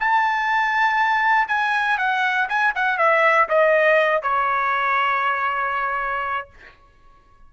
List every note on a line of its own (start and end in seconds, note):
0.00 1.48 A5
1.48 1.98 G#5
1.98 2.48 F#5
2.49 2.74 G#5
2.75 2.98 F#5
2.98 3.48 E5
3.49 4.22 D#5
4.22 6.49 C#5